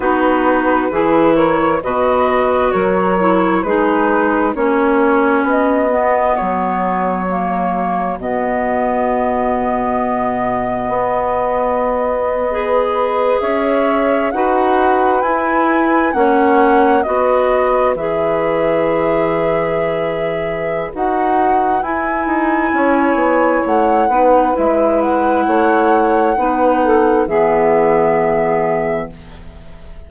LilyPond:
<<
  \new Staff \with { instrumentName = "flute" } { \time 4/4 \tempo 4 = 66 b'4. cis''8 dis''4 cis''4 | b'4 cis''4 dis''4 cis''4~ | cis''4 dis''2.~ | dis''2~ dis''8. e''4 fis''16~ |
fis''8. gis''4 fis''4 dis''4 e''16~ | e''2. fis''4 | gis''2 fis''4 e''8 fis''8~ | fis''2 e''2 | }
  \new Staff \with { instrumentName = "saxophone" } { \time 4/4 fis'4 gis'8 ais'8 b'4 ais'4 | gis'4 fis'2.~ | fis'1~ | fis'4.~ fis'16 b'4 cis''4 b'16~ |
b'4.~ b'16 cis''4 b'4~ b'16~ | b'1~ | b'4 cis''4. b'4. | cis''4 b'8 a'8 gis'2 | }
  \new Staff \with { instrumentName = "clarinet" } { \time 4/4 dis'4 e'4 fis'4. e'8 | dis'4 cis'4. b4. | ais4 b2.~ | b4.~ b16 gis'2 fis'16~ |
fis'8. e'4 cis'4 fis'4 gis'16~ | gis'2. fis'4 | e'2~ e'8 dis'8 e'4~ | e'4 dis'4 b2 | }
  \new Staff \with { instrumentName = "bassoon" } { \time 4/4 b4 e4 b,4 fis4 | gis4 ais4 b4 fis4~ | fis4 b,2. | b2~ b8. cis'4 dis'16~ |
dis'8. e'4 ais4 b4 e16~ | e2. dis'4 | e'8 dis'8 cis'8 b8 a8 b8 gis4 | a4 b4 e2 | }
>>